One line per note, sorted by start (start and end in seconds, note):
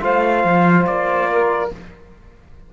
0.00 0.44 A3
0.00 1.69 F4
0.00 1.29 C5
0.00 0.86 F5
0.44 0.86 F3
0.86 1.71 A#3
0.86 1.71 D5
1.30 1.72 A#4